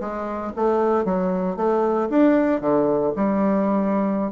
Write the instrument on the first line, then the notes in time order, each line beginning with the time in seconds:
bassoon
0.00 G#3
0.56 A3
1.05 F#3
1.56 A3
2.09 D4
2.61 D3
3.16 G3